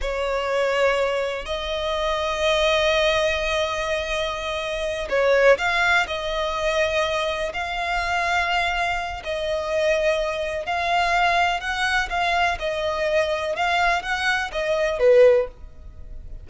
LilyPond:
\new Staff \with { instrumentName = "violin" } { \time 4/4 \tempo 4 = 124 cis''2. dis''4~ | dis''1~ | dis''2~ dis''8 cis''4 f''8~ | f''8 dis''2. f''8~ |
f''2. dis''4~ | dis''2 f''2 | fis''4 f''4 dis''2 | f''4 fis''4 dis''4 b'4 | }